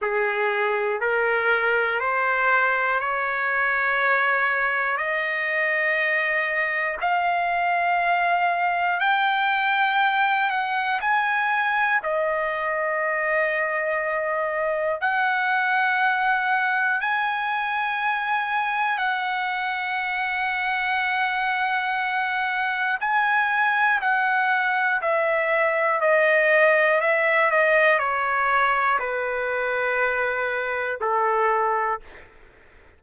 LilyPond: \new Staff \with { instrumentName = "trumpet" } { \time 4/4 \tempo 4 = 60 gis'4 ais'4 c''4 cis''4~ | cis''4 dis''2 f''4~ | f''4 g''4. fis''8 gis''4 | dis''2. fis''4~ |
fis''4 gis''2 fis''4~ | fis''2. gis''4 | fis''4 e''4 dis''4 e''8 dis''8 | cis''4 b'2 a'4 | }